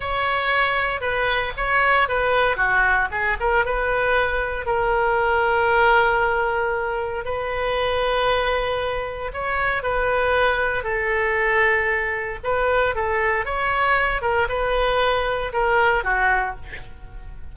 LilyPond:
\new Staff \with { instrumentName = "oboe" } { \time 4/4 \tempo 4 = 116 cis''2 b'4 cis''4 | b'4 fis'4 gis'8 ais'8 b'4~ | b'4 ais'2.~ | ais'2 b'2~ |
b'2 cis''4 b'4~ | b'4 a'2. | b'4 a'4 cis''4. ais'8 | b'2 ais'4 fis'4 | }